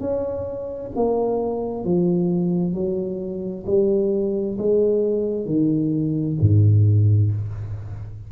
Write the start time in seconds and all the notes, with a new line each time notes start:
0.00 C#4
0.95 A#3
1.84 F3
2.74 F#3
3.66 G3
4.58 G#3
5.45 D#3
6.40 G#2